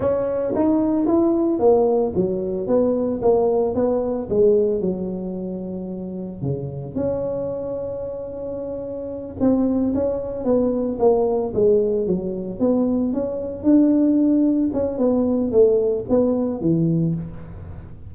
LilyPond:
\new Staff \with { instrumentName = "tuba" } { \time 4/4 \tempo 4 = 112 cis'4 dis'4 e'4 ais4 | fis4 b4 ais4 b4 | gis4 fis2. | cis4 cis'2.~ |
cis'4. c'4 cis'4 b8~ | b8 ais4 gis4 fis4 b8~ | b8 cis'4 d'2 cis'8 | b4 a4 b4 e4 | }